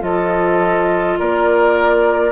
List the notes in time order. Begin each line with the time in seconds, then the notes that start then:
0.00 F3 F4 A4 D#5
1.19 A#3 A#4 D5